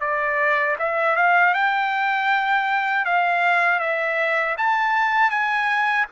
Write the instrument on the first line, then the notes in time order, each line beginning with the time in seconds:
trumpet
0.00 D5
0.79 E5
1.16 F5
1.54 G5
3.05 F5
3.79 E5
4.57 A5
5.30 G#5